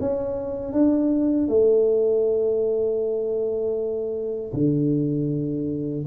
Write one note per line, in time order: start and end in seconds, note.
0.00 0.72 C#4
0.72 1.48 D4
1.48 4.52 A3
4.53 6.05 D3